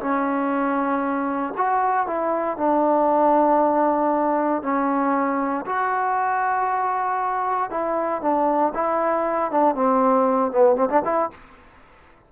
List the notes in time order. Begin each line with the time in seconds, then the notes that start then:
0.00 C#4
1.57 F#4
2.07 E4
2.57 D4
4.63 C#4
5.66 F#4
7.70 E4
8.22 D4
8.75 E4
9.51 D4
9.75 C4
10.52 B3
10.76 C4
10.90 D4
11.05 E4